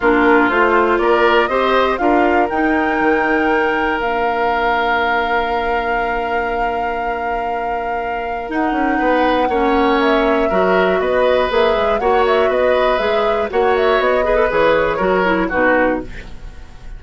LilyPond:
<<
  \new Staff \with { instrumentName = "flute" } { \time 4/4 \tempo 4 = 120 ais'4 c''4 d''4 dis''4 | f''4 g''2. | f''1~ | f''1~ |
f''4 fis''2. | e''2 dis''4 e''4 | fis''8 e''8 dis''4 e''4 fis''8 e''8 | dis''4 cis''2 b'4 | }
  \new Staff \with { instrumentName = "oboe" } { \time 4/4 f'2 ais'4 c''4 | ais'1~ | ais'1~ | ais'1~ |
ais'2 b'4 cis''4~ | cis''4 ais'4 b'2 | cis''4 b'2 cis''4~ | cis''8 b'4. ais'4 fis'4 | }
  \new Staff \with { instrumentName = "clarinet" } { \time 4/4 d'4 f'2 g'4 | f'4 dis'2. | d'1~ | d'1~ |
d'4 dis'2 cis'4~ | cis'4 fis'2 gis'4 | fis'2 gis'4 fis'4~ | fis'8 gis'16 a'16 gis'4 fis'8 e'8 dis'4 | }
  \new Staff \with { instrumentName = "bassoon" } { \time 4/4 ais4 a4 ais4 c'4 | d'4 dis'4 dis2 | ais1~ | ais1~ |
ais4 dis'8 cis'8 b4 ais4~ | ais4 fis4 b4 ais8 gis8 | ais4 b4 gis4 ais4 | b4 e4 fis4 b,4 | }
>>